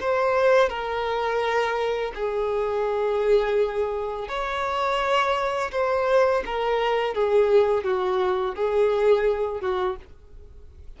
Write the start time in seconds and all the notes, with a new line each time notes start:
0.00 C5
0.69 A#4
2.15 G#4
4.28 C#5
5.71 C5
6.45 A#4
7.14 G#4
7.83 F#4
8.55 G#4
9.60 F#4